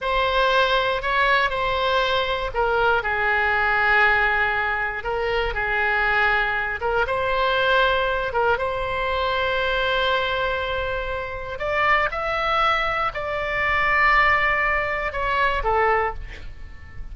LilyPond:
\new Staff \with { instrumentName = "oboe" } { \time 4/4 \tempo 4 = 119 c''2 cis''4 c''4~ | c''4 ais'4 gis'2~ | gis'2 ais'4 gis'4~ | gis'4. ais'8 c''2~ |
c''8 ais'8 c''2.~ | c''2. d''4 | e''2 d''2~ | d''2 cis''4 a'4 | }